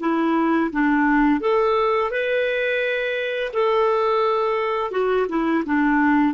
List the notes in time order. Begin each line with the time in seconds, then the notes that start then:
0.00 E4
0.72 D4
1.40 A4
2.10 B4
3.53 A4
4.91 F#4
5.29 E4
5.65 D4